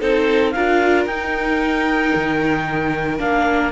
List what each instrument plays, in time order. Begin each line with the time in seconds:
0.00 cello C4, viola D#4, violin A4, clarinet C5
0.51 cello D4, viola F4, violin A#4, clarinet F5
1.06 cello D#4, viola D#4, clarinet G5
2.15 cello D#3
3.18 cello A#3, viola D4, clarinet F5